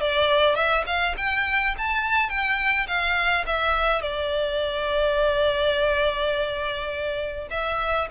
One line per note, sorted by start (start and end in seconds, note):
0.00 0.55 D5
0.55 0.84 E5
0.86 1.15 F5
1.17 1.75 G5
1.78 2.29 A5
2.29 2.87 G5
2.87 3.45 F5
3.46 4.01 E5
4.01 7.48 D5
7.50 8.08 E5